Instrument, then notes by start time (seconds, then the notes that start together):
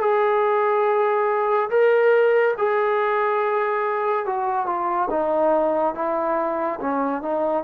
trombone
0.00 G#4
1.69 A#4
2.58 G#4
4.26 F#4
4.66 F4
5.10 D#4
5.95 E4
6.80 C#4
7.22 D#4